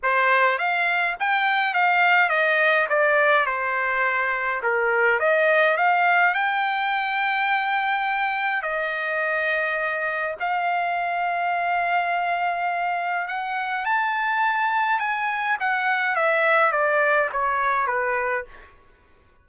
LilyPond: \new Staff \with { instrumentName = "trumpet" } { \time 4/4 \tempo 4 = 104 c''4 f''4 g''4 f''4 | dis''4 d''4 c''2 | ais'4 dis''4 f''4 g''4~ | g''2. dis''4~ |
dis''2 f''2~ | f''2. fis''4 | a''2 gis''4 fis''4 | e''4 d''4 cis''4 b'4 | }